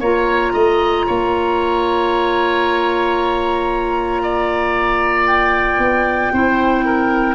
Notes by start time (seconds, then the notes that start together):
0.00 A#3 F4 C#5 A#5
0.53 A3 D#5
1.07 A#3 C#5
4.23 D5
5.27 G5
5.78 B3
6.32 C4 E4 C5
6.85 A#4